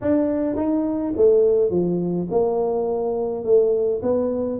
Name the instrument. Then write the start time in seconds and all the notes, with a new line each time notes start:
tuba
0.01 D4
0.56 D#4
1.16 A3
1.70 F3
2.31 A#3
3.44 A3
4.02 B3